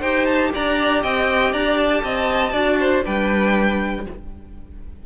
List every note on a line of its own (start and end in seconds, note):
0.00 0.52 D#4
0.00 2.53 G4
0.00 0.50 C5
0.00 0.25 G5
0.25 0.50 A5
0.54 1.03 D4
0.54 1.02 D5
0.54 1.03 A#5
1.02 1.53 C4
1.02 1.52 D#5
1.02 1.53 G5
1.52 2.03 D4
1.52 2.02 D5
1.52 1.77 A#5
1.77 3.02 A5
2.03 2.52 C4
2.03 2.52 D#5
2.52 3.02 D4
2.52 3.04 F#4
2.52 2.77 D5
2.80 3.05 C5
3.04 4.06 G3
3.04 4.04 D4
3.04 4.05 B4
3.04 4.06 G5